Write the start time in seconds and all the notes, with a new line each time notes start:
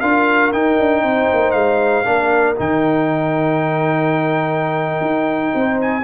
0.00 D4 F4 A#4 F5
0.52 D#4 G5
0.79 D4
1.03 C4 C5
1.33 A#3
1.51 G#3 F5
2.04 A#3 D4 A#4
2.56 D#3 D#4 G5
5.00 D#4
5.54 C4 C5
5.81 G#5